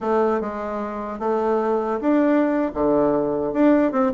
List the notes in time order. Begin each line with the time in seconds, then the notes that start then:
0.01 A3
0.40 G#3
1.19 A3
2.00 D4
2.74 D3
3.53 D4
3.92 C4